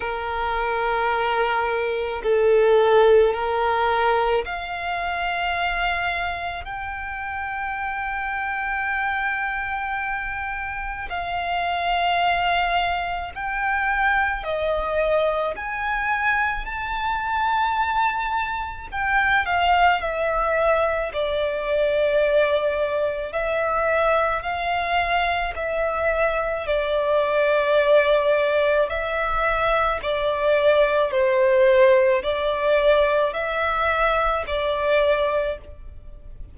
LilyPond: \new Staff \with { instrumentName = "violin" } { \time 4/4 \tempo 4 = 54 ais'2 a'4 ais'4 | f''2 g''2~ | g''2 f''2 | g''4 dis''4 gis''4 a''4~ |
a''4 g''8 f''8 e''4 d''4~ | d''4 e''4 f''4 e''4 | d''2 e''4 d''4 | c''4 d''4 e''4 d''4 | }